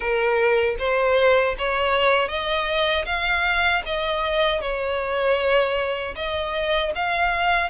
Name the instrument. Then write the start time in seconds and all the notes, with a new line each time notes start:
violin
0.00 A#4
0.78 C5
1.58 C#5
2.28 D#5
3.05 F5
3.85 D#5
4.61 C#5
6.15 D#5
6.95 F5